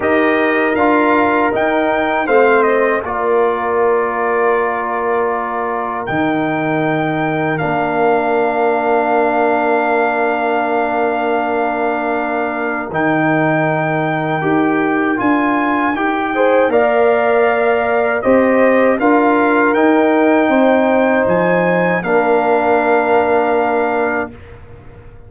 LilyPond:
<<
  \new Staff \with { instrumentName = "trumpet" } { \time 4/4 \tempo 4 = 79 dis''4 f''4 g''4 f''8 dis''8 | d''1 | g''2 f''2~ | f''1~ |
f''4 g''2. | gis''4 g''4 f''2 | dis''4 f''4 g''2 | gis''4 f''2. | }
  \new Staff \with { instrumentName = "horn" } { \time 4/4 ais'2. c''4 | ais'1~ | ais'1~ | ais'1~ |
ais'1~ | ais'4. c''8 d''2 | c''4 ais'2 c''4~ | c''4 ais'2. | }
  \new Staff \with { instrumentName = "trombone" } { \time 4/4 g'4 f'4 dis'4 c'4 | f'1 | dis'2 d'2~ | d'1~ |
d'4 dis'2 g'4 | f'4 g'8 gis'8 ais'2 | g'4 f'4 dis'2~ | dis'4 d'2. | }
  \new Staff \with { instrumentName = "tuba" } { \time 4/4 dis'4 d'4 dis'4 a4 | ais1 | dis2 ais2~ | ais1~ |
ais4 dis2 dis'4 | d'4 dis'4 ais2 | c'4 d'4 dis'4 c'4 | f4 ais2. | }
>>